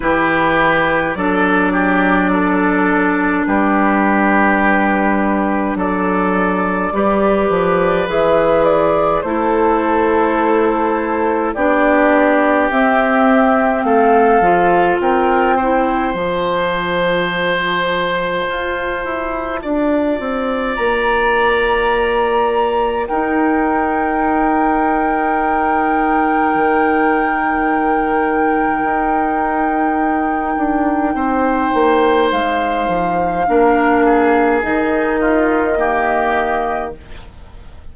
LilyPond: <<
  \new Staff \with { instrumentName = "flute" } { \time 4/4 \tempo 4 = 52 b'4 d''2 b'4~ | b'4 d''2 e''8 d''8 | c''2 d''4 e''4 | f''4 g''4 a''2~ |
a''2 ais''2 | g''1~ | g''1 | f''2 dis''2 | }
  \new Staff \with { instrumentName = "oboe" } { \time 4/4 g'4 a'8 g'8 a'4 g'4~ | g'4 a'4 b'2 | a'2 g'2 | a'4 ais'8 c''2~ c''8~ |
c''4 d''2. | ais'1~ | ais'2. c''4~ | c''4 ais'8 gis'4 f'8 g'4 | }
  \new Staff \with { instrumentName = "clarinet" } { \time 4/4 e'4 d'2.~ | d'2 g'4 gis'4 | e'2 d'4 c'4~ | c'8 f'4 e'8 f'2~ |
f'1 | dis'1~ | dis'1~ | dis'4 d'4 dis'4 ais4 | }
  \new Staff \with { instrumentName = "bassoon" } { \time 4/4 e4 fis2 g4~ | g4 fis4 g8 f8 e4 | a2 b4 c'4 | a8 f8 c'4 f2 |
f'8 e'8 d'8 c'8 ais2 | dis'2. dis4~ | dis4 dis'4. d'8 c'8 ais8 | gis8 f8 ais4 dis2 | }
>>